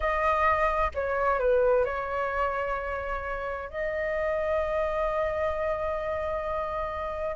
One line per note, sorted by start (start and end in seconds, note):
0.00 0.91 D#5
0.94 1.39 C#5
1.39 1.85 B4
1.85 3.69 C#5
3.69 7.35 D#5